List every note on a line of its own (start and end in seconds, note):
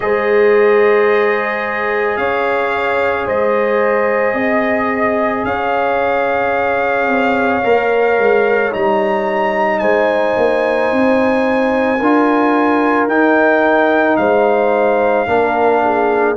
0.00 2.17 G#3
0.00 7.62 G#4
0.00 2.19 C5
0.00 2.17 D#5
2.17 3.26 C#4
2.17 3.27 C#5
2.17 3.26 F5
3.26 4.33 G#3
3.26 4.34 C5
3.26 5.45 D#5
4.33 5.42 C4
4.33 5.43 D#5
5.43 7.07 C#4
5.43 9.81 C#5
5.43 8.72 F5
7.07 7.62 C4
7.63 8.17 A#3
7.63 8.71 A#4
8.17 8.72 G#3
8.71 9.81 G3
8.71 11.98 D#4
8.71 9.79 A#5
9.79 10.35 G#3
9.79 11.99 C5
9.79 13.06 G#5
10.36 10.91 A#3
10.92 12.00 C4
11.99 13.07 D4
11.99 13.09 F4
11.99 14.17 A#4
13.07 14.16 D#4
13.07 15.27 D#4
13.07 14.17 G5
14.17 15.26 G#3
14.17 15.28 C5
14.17 16.35 F5
15.27 16.36 A#3
15.27 16.36 D4
15.27 15.82 A#4
15.83 16.36 G#4